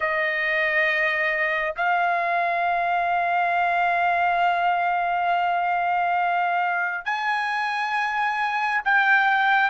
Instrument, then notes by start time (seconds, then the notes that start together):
trumpet
0.00 D#5
1.76 F5
7.05 G#5
8.84 G5